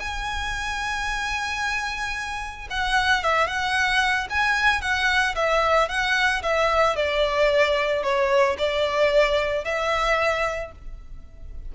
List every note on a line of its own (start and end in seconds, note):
0.00 2.68 G#5
2.71 3.24 F#5
3.24 3.47 E5
3.47 4.28 F#5
4.30 4.81 G#5
4.81 5.35 F#5
5.36 5.89 E5
5.89 6.42 F#5
6.43 6.96 E5
6.96 8.03 D5
8.03 8.57 C#5
8.59 9.65 D5
9.65 10.72 E5